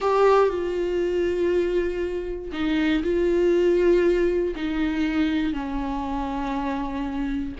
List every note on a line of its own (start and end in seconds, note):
0.00 0.49 G4
0.49 2.51 F4
2.52 3.02 D#4
3.03 4.54 F4
4.55 5.53 D#4
5.53 7.55 C#4